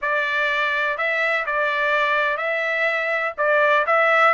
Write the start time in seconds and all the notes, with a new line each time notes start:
0.01 D5
0.97 E5
1.45 D5
2.37 E5
3.37 D5
3.86 E5